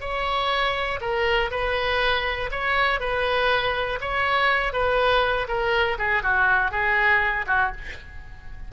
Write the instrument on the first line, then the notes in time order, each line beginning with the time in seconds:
oboe
0.00 C#5
1.00 A#4
1.50 B4
2.51 C#5
3.00 B4
4.00 C#5
4.73 B4
5.47 A#4
5.98 G#4
6.22 F#4
6.71 G#4
7.47 F#4